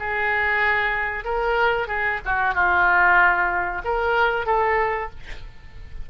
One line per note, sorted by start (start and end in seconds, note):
0.00 1.24 G#4
1.24 1.88 A#4
1.88 2.20 G#4
2.25 2.55 F#4
2.55 3.82 F4
3.84 4.46 A#4
4.46 5.10 A4